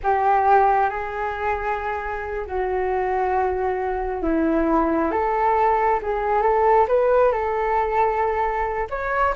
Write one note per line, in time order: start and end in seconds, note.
0.03 0.89 G4
0.89 2.45 G#4
2.46 4.22 F#4
4.22 5.11 E4
5.11 6.00 A4
6.02 6.42 G#4
6.42 6.86 A4
6.88 7.32 B4
7.32 8.87 A4
8.89 9.34 C#5